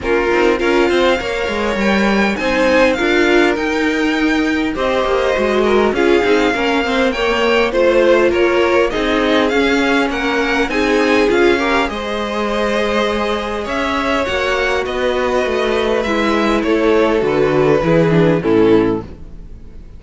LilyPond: <<
  \new Staff \with { instrumentName = "violin" } { \time 4/4 \tempo 4 = 101 ais'4 f''2 g''4 | gis''4 f''4 g''2 | dis''2 f''2 | g''4 c''4 cis''4 dis''4 |
f''4 fis''4 gis''4 f''4 | dis''2. e''4 | fis''4 dis''2 e''4 | cis''4 b'2 a'4 | }
  \new Staff \with { instrumentName = "violin" } { \time 4/4 f'4 ais'8 c''8 cis''2 | c''4 ais'2. | c''4. ais'8 gis'4 ais'8 c''8 | cis''4 c''4 ais'4 gis'4~ |
gis'4 ais'4 gis'4. ais'8 | c''2. cis''4~ | cis''4 b'2. | a'2 gis'4 e'4 | }
  \new Staff \with { instrumentName = "viola" } { \time 4/4 cis'8 dis'8 f'4 ais'2 | dis'4 f'4 dis'2 | g'4 fis'4 f'8 dis'8 cis'8 c'8 | ais4 f'2 dis'4 |
cis'2 dis'4 f'8 g'8 | gis'1 | fis'2. e'4~ | e'4 fis'4 e'8 d'8 cis'4 | }
  \new Staff \with { instrumentName = "cello" } { \time 4/4 ais8 c'8 cis'8 c'8 ais8 gis8 g4 | c'4 d'4 dis'2 | c'8 ais8 gis4 cis'8 c'8 ais4~ | ais4 a4 ais4 c'4 |
cis'4 ais4 c'4 cis'4 | gis2. cis'4 | ais4 b4 a4 gis4 | a4 d4 e4 a,4 | }
>>